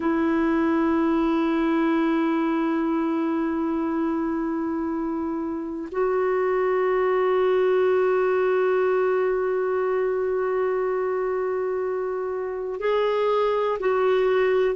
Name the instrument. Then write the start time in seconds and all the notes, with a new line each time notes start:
clarinet
0.00 E4
5.92 F#4
12.80 G#4
13.79 F#4